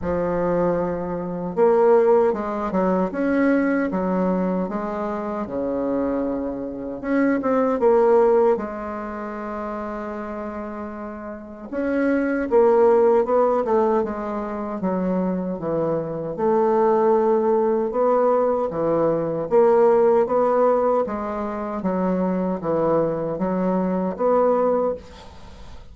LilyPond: \new Staff \with { instrumentName = "bassoon" } { \time 4/4 \tempo 4 = 77 f2 ais4 gis8 fis8 | cis'4 fis4 gis4 cis4~ | cis4 cis'8 c'8 ais4 gis4~ | gis2. cis'4 |
ais4 b8 a8 gis4 fis4 | e4 a2 b4 | e4 ais4 b4 gis4 | fis4 e4 fis4 b4 | }